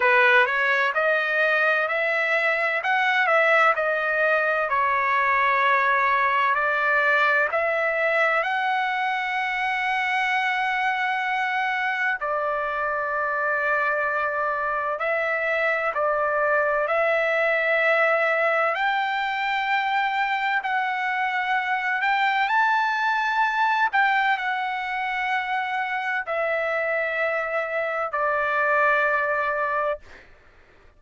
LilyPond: \new Staff \with { instrumentName = "trumpet" } { \time 4/4 \tempo 4 = 64 b'8 cis''8 dis''4 e''4 fis''8 e''8 | dis''4 cis''2 d''4 | e''4 fis''2.~ | fis''4 d''2. |
e''4 d''4 e''2 | g''2 fis''4. g''8 | a''4. g''8 fis''2 | e''2 d''2 | }